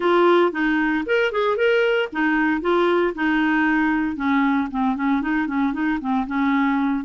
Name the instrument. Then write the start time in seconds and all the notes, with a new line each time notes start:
clarinet
0.00 F4
0.52 D#4
1.06 A#4
1.32 G#4
1.56 A#4
2.12 D#4
2.61 F4
3.14 D#4
4.16 C#4
4.71 C4
4.96 C#4
5.21 D#4
5.47 C#4
5.73 D#4
6.00 C4
6.27 C#4